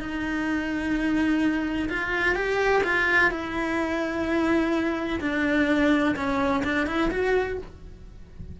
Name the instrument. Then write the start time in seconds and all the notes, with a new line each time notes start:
cello
0.00 D#4
1.89 F4
2.35 G4
2.84 F4
3.31 E4
5.21 D4
6.16 C#4
6.64 D4
6.87 E4
7.11 F#4